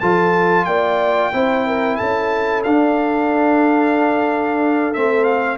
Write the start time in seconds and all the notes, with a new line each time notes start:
0.00 F3 F4 A4 A5
0.65 A#3 D5 G5
1.33 C4 E4 C5
1.67 A#4
1.96 C#4 A4 A5
2.64 D4 F5
4.94 A3 C4 E5
5.24 F5